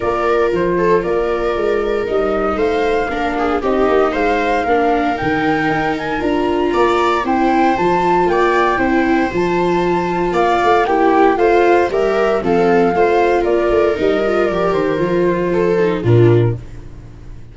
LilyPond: <<
  \new Staff \with { instrumentName = "flute" } { \time 4/4 \tempo 4 = 116 d''4 c''4 d''2 | dis''4 f''2 dis''4 | f''2 g''4. gis''8 | ais''2 g''4 a''4 |
g''2 a''2 | f''4 g''4 f''4 e''4 | f''2 d''4 dis''4 | d''8 c''2~ c''8 ais'4 | }
  \new Staff \with { instrumentName = "viola" } { \time 4/4 ais'4. a'8 ais'2~ | ais'4 c''4 ais'8 gis'8 g'4 | c''4 ais'2.~ | ais'4 d''4 c''2 |
d''4 c''2. | d''4 g'4 c''4 ais'4 | a'4 c''4 ais'2~ | ais'2 a'4 f'4 | }
  \new Staff \with { instrumentName = "viola" } { \time 4/4 f'1 | dis'2 d'4 dis'4~ | dis'4 d'4 dis'2 | f'2 e'4 f'4~ |
f'4 e'4 f'2~ | f'4 e'4 f'4 g'4 | c'4 f'2 dis'8 f'8 | g'4 f'4. dis'8 d'4 | }
  \new Staff \with { instrumentName = "tuba" } { \time 4/4 ais4 f4 ais4 gis4 | g4 a4 ais4 c'8 ais8 | gis4 ais4 dis4 dis'4 | d'4 ais4 c'4 f4 |
ais4 c'4 f2 | ais8 a8 ais4 a4 g4 | f4 a4 ais8 a8 g4 | f8 dis8 f2 ais,4 | }
>>